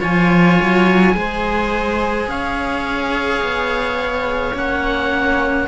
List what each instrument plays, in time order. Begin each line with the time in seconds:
0.00 cello F3 F4, viola C#5, oboe G#5
0.62 cello F#3
1.12 cello G#3 G#4, viola C5
2.27 cello C#4, viola C#5, oboe F5
3.42 cello B3
4.53 cello A#3 C#4, oboe F#5